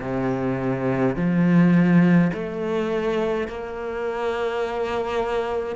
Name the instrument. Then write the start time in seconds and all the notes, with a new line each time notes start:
cello
0.00 C3
1.15 F3
2.33 A3
3.48 A#3